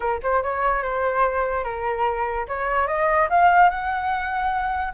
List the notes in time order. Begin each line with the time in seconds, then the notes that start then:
0.00 A#4
0.23 C5
0.42 C#5
0.82 C5
1.64 A#4
2.48 C#5
2.87 D#5
3.29 F5
3.69 F#5